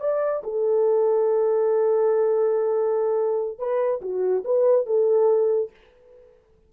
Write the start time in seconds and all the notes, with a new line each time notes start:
0.00 D5
0.43 A4
3.58 B4
4.01 F#4
4.44 B4
4.86 A4